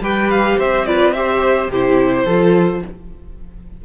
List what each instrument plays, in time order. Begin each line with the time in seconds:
0.00 cello G3, viola G4, violin B4 G5
0.31 violin F5
0.58 cello C4, violin C5 E5
0.87 viola F4, violin B4 D5
1.14 viola G4, violin C5 E5
1.68 cello C3, viola E4, violin G4 C5
2.25 cello F3, viola F4, violin A4